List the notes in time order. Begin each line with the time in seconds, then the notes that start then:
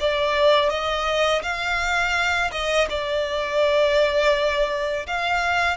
0.00 D5
0.70 D#5
1.42 F5
2.51 D#5
2.89 D5
5.07 F5